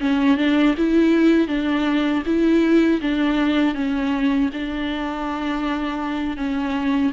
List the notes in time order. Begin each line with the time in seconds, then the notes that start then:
0.00 C#4
0.38 D4
0.78 E4
1.48 D4
2.26 E4
3.02 D4
3.75 C#4
4.53 D4
6.37 C#4